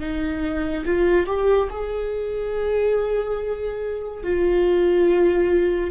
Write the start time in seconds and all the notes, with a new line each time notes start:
0.00 D#4
0.85 F4
1.26 G4
1.70 G#4
4.23 F4